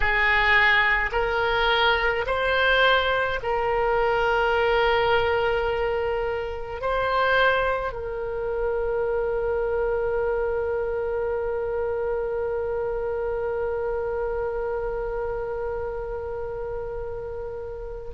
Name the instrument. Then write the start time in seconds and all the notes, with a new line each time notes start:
oboe
0.00 G#4
1.12 A#4
2.26 C5
3.43 A#4
6.81 C5
7.92 A#4